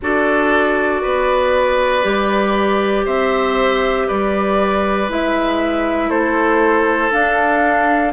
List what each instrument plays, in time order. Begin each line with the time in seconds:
0.01 bassoon D4, clarinet F#4, oboe A4, flute D5
1.02 bassoon B3, oboe B4
2.02 bassoon G3, clarinet G4
3.05 bassoon C4, oboe C5, flute E5
4.07 bassoon G3, oboe B4, flute D5
5.08 bassoon G#3, clarinet E4, flute E5
6.09 bassoon A3, oboe A4, flute C5
7.11 clarinet D4, bassoon D4, flute F5